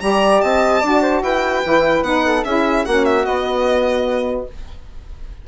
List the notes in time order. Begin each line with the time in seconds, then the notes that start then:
0.00 G3 G4 D5 A#5
0.41 C4 D#5 A5
0.80 D4 F#4 D5
1.01 C5
1.22 E4 B4 G5
1.64 E3 E4
2.02 B3 D#4 F#5
2.25 A4
2.44 C#4 E4 G#4 E5
2.85 A#3 C#4 F#4 F#5
3.05 E5
3.24 B3 D#5